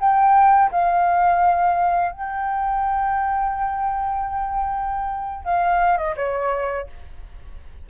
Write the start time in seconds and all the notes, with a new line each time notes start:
0.00 G5
0.72 F5
2.12 G5
5.45 F5
5.98 D#5
6.16 C#5